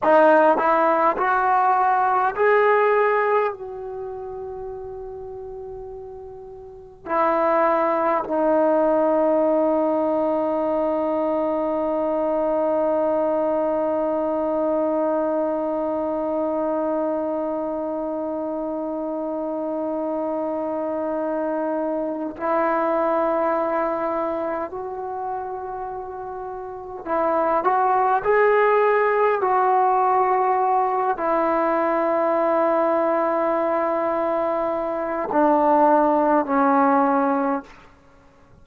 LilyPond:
\new Staff \with { instrumentName = "trombone" } { \time 4/4 \tempo 4 = 51 dis'8 e'8 fis'4 gis'4 fis'4~ | fis'2 e'4 dis'4~ | dis'1~ | dis'1~ |
dis'2. e'4~ | e'4 fis'2 e'8 fis'8 | gis'4 fis'4. e'4.~ | e'2 d'4 cis'4 | }